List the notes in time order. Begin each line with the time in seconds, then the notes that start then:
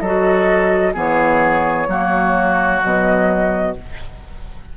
0.00 F#3 F#4 A4 D#5
0.93 E3 B3 G#4 C#5
1.88 F#3 A#3 F#4
2.81 B2 F#3 D#5